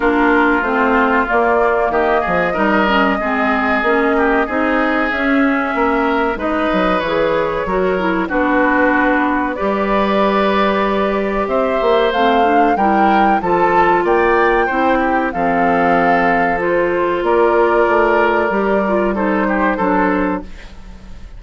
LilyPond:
<<
  \new Staff \with { instrumentName = "flute" } { \time 4/4 \tempo 4 = 94 ais'4 c''4 d''4 dis''4~ | dis''1 | e''2 dis''4 cis''4~ | cis''4 b'2 d''4~ |
d''2 e''4 f''4 | g''4 a''4 g''2 | f''2 c''4 d''4~ | d''2 c''2 | }
  \new Staff \with { instrumentName = "oboe" } { \time 4/4 f'2. g'8 gis'8 | ais'4 gis'4. g'8 gis'4~ | gis'4 ais'4 b'2 | ais'4 fis'2 b'4~ |
b'2 c''2 | ais'4 a'4 d''4 c''8 g'8 | a'2. ais'4~ | ais'2 a'8 g'8 a'4 | }
  \new Staff \with { instrumentName = "clarinet" } { \time 4/4 d'4 c'4 ais2 | dis'8 cis'8 c'4 cis'4 dis'4 | cis'2 dis'4 gis'4 | fis'8 e'8 d'2 g'4~ |
g'2. c'8 d'8 | e'4 f'2 e'4 | c'2 f'2~ | f'4 g'8 f'8 dis'4 d'4 | }
  \new Staff \with { instrumentName = "bassoon" } { \time 4/4 ais4 a4 ais4 dis8 f8 | g4 gis4 ais4 c'4 | cis'4 ais4 gis8 fis8 e4 | fis4 b2 g4~ |
g2 c'8 ais8 a4 | g4 f4 ais4 c'4 | f2. ais4 | a4 g2 fis4 | }
>>